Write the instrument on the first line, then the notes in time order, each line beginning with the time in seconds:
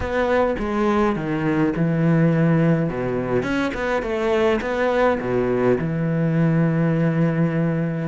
cello
0.00 B3
0.58 G#3
1.16 D#3
1.76 E3
2.89 B2
3.42 C#4
3.74 B3
4.02 A3
4.61 B3
5.20 B2
5.78 E3